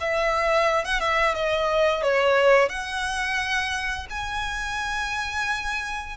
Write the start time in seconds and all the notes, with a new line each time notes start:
0.00 E5
0.85 F#5
1.00 E5
1.34 D#5
2.03 C#5
2.69 F#5
4.10 G#5